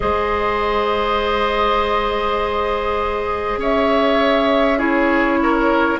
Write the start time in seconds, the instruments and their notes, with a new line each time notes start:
0.00 bassoon G#3, clarinet G#4, oboe C5, flute D#5
3.57 bassoon C#4, oboe C#5, flute E5
4.78 clarinet E4, oboe G#4, flute C#5
5.42 oboe A#4